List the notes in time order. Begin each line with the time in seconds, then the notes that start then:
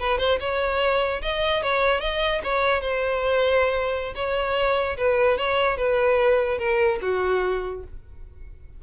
0.00 B4
0.19 C5
0.40 C#5
1.22 D#5
1.63 C#5
2.01 D#5
2.44 C#5
2.81 C5
4.15 C#5
4.97 B4
5.38 C#5
5.78 B4
6.59 A#4
7.02 F#4